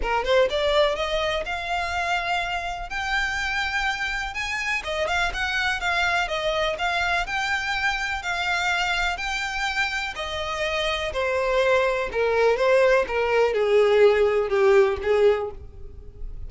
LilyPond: \new Staff \with { instrumentName = "violin" } { \time 4/4 \tempo 4 = 124 ais'8 c''8 d''4 dis''4 f''4~ | f''2 g''2~ | g''4 gis''4 dis''8 f''8 fis''4 | f''4 dis''4 f''4 g''4~ |
g''4 f''2 g''4~ | g''4 dis''2 c''4~ | c''4 ais'4 c''4 ais'4 | gis'2 g'4 gis'4 | }